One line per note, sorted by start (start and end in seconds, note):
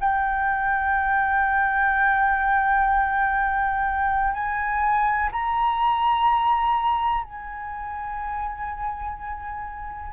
0.00 4.33 G5
4.33 5.30 G#5
5.32 7.23 A#5
7.23 10.12 G#5